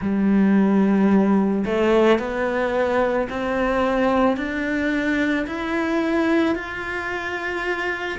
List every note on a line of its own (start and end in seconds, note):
0.01 1.65 G3
1.65 2.18 A3
2.18 3.27 B3
3.29 4.36 C4
4.36 5.45 D4
5.46 6.55 E4
6.55 8.18 F4